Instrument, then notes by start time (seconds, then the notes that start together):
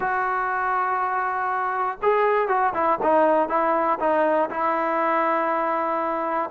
trombone
0.00 F#4
2.02 G#4
2.48 F#4
2.74 E4
3.02 D#4
3.48 E4
3.99 D#4
4.50 E4